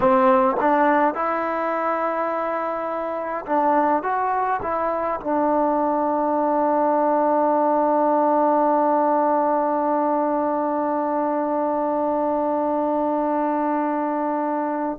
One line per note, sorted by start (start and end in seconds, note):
0.00 0.56 C4
0.60 1.14 D4
1.14 3.45 E4
3.46 4.02 D4
4.02 4.60 F#4
4.62 5.20 E4
5.20 14.98 D4